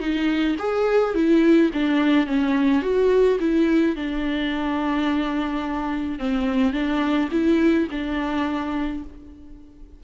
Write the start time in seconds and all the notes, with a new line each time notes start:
0.00 D#4
0.59 G#4
1.15 E4
1.74 D4
2.27 C#4
2.82 F#4
3.40 E4
3.96 D4
6.19 C4
6.73 D4
7.32 E4
7.91 D4